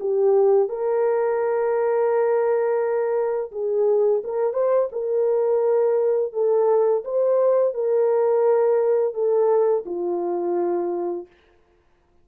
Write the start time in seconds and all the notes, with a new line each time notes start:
0.00 G4
0.69 A#4
3.52 G#4
4.24 A#4
4.53 C5
4.92 A#4
6.33 A4
7.05 C5
7.74 A#4
9.14 A4
9.85 F4